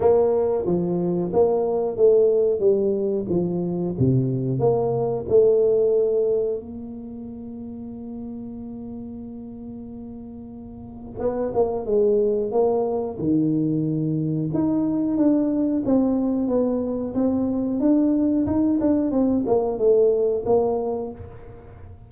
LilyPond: \new Staff \with { instrumentName = "tuba" } { \time 4/4 \tempo 4 = 91 ais4 f4 ais4 a4 | g4 f4 c4 ais4 | a2 ais2~ | ais1~ |
ais4 b8 ais8 gis4 ais4 | dis2 dis'4 d'4 | c'4 b4 c'4 d'4 | dis'8 d'8 c'8 ais8 a4 ais4 | }